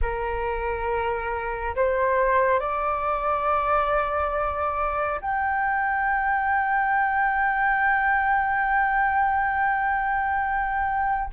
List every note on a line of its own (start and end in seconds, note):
0.01 1.75 A#4
1.75 2.59 C5
2.59 5.20 D5
5.21 11.30 G5